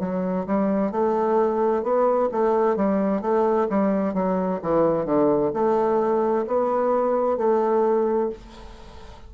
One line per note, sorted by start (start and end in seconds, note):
0.00 0.46 F#3
0.47 0.91 G3
0.91 1.83 A3
1.83 2.30 B3
2.32 2.77 A3
2.77 3.22 G3
3.22 3.68 A3
3.70 4.14 G3
4.14 4.60 F#3
4.62 5.06 E3
5.06 5.52 D3
5.54 6.46 A3
6.47 7.38 B3
7.38 8.30 A3